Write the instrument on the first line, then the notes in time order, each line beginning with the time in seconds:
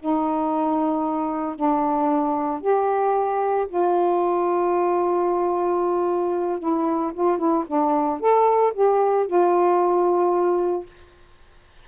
saxophone
0.00 D#4
1.56 D4
2.61 G4
3.69 F4
6.60 E4
7.14 F4
7.38 E4
7.67 D4
8.20 A4
8.74 G4
9.27 F4